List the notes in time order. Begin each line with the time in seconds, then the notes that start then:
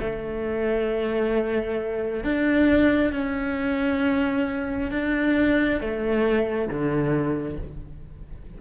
0.00 A3
2.23 D4
3.12 C#4
4.91 D4
5.80 A3
6.68 D3